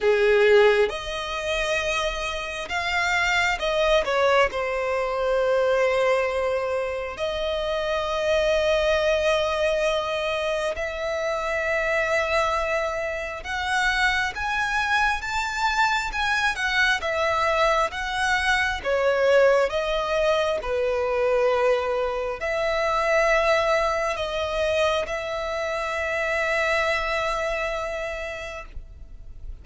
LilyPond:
\new Staff \with { instrumentName = "violin" } { \time 4/4 \tempo 4 = 67 gis'4 dis''2 f''4 | dis''8 cis''8 c''2. | dis''1 | e''2. fis''4 |
gis''4 a''4 gis''8 fis''8 e''4 | fis''4 cis''4 dis''4 b'4~ | b'4 e''2 dis''4 | e''1 | }